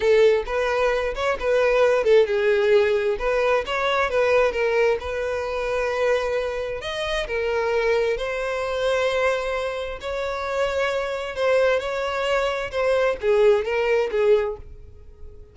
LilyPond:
\new Staff \with { instrumentName = "violin" } { \time 4/4 \tempo 4 = 132 a'4 b'4. cis''8 b'4~ | b'8 a'8 gis'2 b'4 | cis''4 b'4 ais'4 b'4~ | b'2. dis''4 |
ais'2 c''2~ | c''2 cis''2~ | cis''4 c''4 cis''2 | c''4 gis'4 ais'4 gis'4 | }